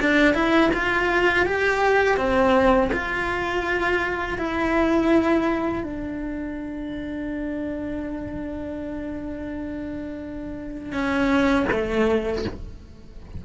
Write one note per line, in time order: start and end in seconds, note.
0.00 0.34 D4
0.34 0.71 E4
0.74 1.46 F4
1.46 2.17 G4
2.17 2.90 C4
2.93 4.38 F4
4.38 5.84 E4
5.84 10.92 D4
10.92 11.65 C#4
11.71 12.45 A3